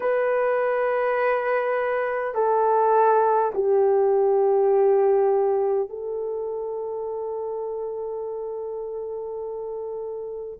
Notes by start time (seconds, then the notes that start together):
0.00 B4
2.34 A4
3.54 G4
5.89 A4